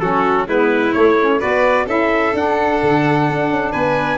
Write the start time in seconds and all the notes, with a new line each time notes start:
0.00 F#3 C#4 F#4 A4
0.47 G#3 B3 E4 B4
0.93 A3 C#5
1.21 C#4
1.39 B3 F#4 B4 D5
1.86 C#4 E4 A4 E5
2.34 D4 F#5
2.83 D3
3.29 D4
3.50 C#4
3.72 B3 B4 G#5